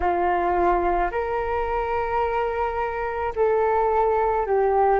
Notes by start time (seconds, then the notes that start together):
0.00 F4
1.11 A#4
3.35 A4
4.46 G4